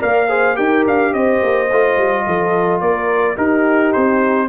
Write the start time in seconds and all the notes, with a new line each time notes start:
0.00 A#3 A#4 D5 F5
0.29 G#4 C5
0.55 D#4 G4 A#4 G5
0.87 D4 F5
1.13 C4 C5 D#5
1.43 A#3
1.71 A3 F4
1.97 G3
2.27 F3 A4
2.81 A#3 A#4 D5
3.36 D#4 G4 A#4
3.93 C4 C5